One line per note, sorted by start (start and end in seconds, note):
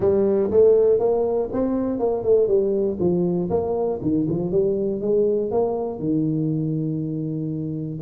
0.00 0.50 G3
0.50 0.99 A3
0.99 1.49 A#3
1.52 1.99 C4
1.99 2.23 A#3
2.23 2.47 A3
2.47 2.97 G3
2.99 3.49 F3
3.50 4.00 A#3
4.02 4.27 D#3
4.29 4.51 F3
4.51 5.01 G3
5.01 5.51 G#3
5.51 5.99 A#3
5.99 7.99 D#3